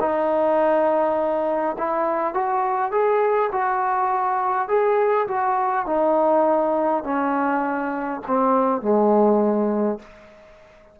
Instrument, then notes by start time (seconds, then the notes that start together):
trombone
0.00 D#4
1.78 E4
2.34 F#4
2.91 G#4
3.52 F#4
4.68 G#4
5.28 F#4
5.86 D#4
7.03 C#4
8.27 C4
8.81 G#3